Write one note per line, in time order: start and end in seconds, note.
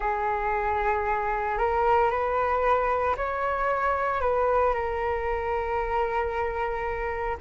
0.00 1.57 G#4
1.57 2.10 A#4
2.10 3.15 B4
3.16 4.21 C#5
4.21 4.73 B4
4.73 7.36 A#4